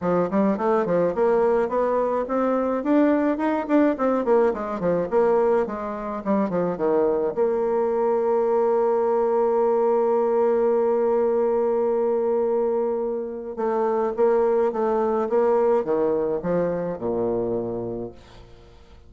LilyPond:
\new Staff \with { instrumentName = "bassoon" } { \time 4/4 \tempo 4 = 106 f8 g8 a8 f8 ais4 b4 | c'4 d'4 dis'8 d'8 c'8 ais8 | gis8 f8 ais4 gis4 g8 f8 | dis4 ais2.~ |
ais1~ | ais1 | a4 ais4 a4 ais4 | dis4 f4 ais,2 | }